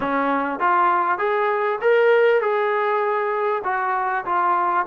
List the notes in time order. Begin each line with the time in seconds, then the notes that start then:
0.00 C#4
0.59 F4
1.18 G#4
1.81 A#4
2.41 G#4
3.64 F#4
4.25 F4